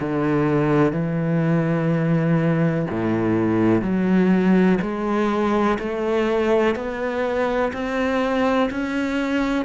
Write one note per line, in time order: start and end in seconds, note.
0.00 0.92 D3
0.92 2.86 E3
2.91 3.82 A2
3.82 4.79 F#3
4.82 5.78 G#3
5.79 6.75 A3
6.75 7.72 B3
7.73 8.70 C4
8.71 9.66 C#4